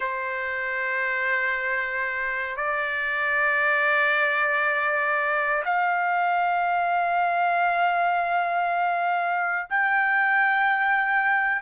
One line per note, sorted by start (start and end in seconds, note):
0.00 2.56 C5
2.56 5.63 D5
5.65 9.68 F5
9.69 11.61 G5